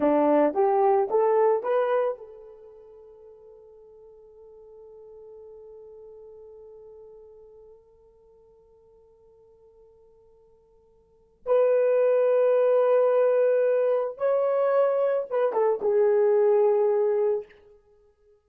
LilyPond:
\new Staff \with { instrumentName = "horn" } { \time 4/4 \tempo 4 = 110 d'4 g'4 a'4 b'4 | a'1~ | a'1~ | a'1~ |
a'1~ | a'4 b'2.~ | b'2 cis''2 | b'8 a'8 gis'2. | }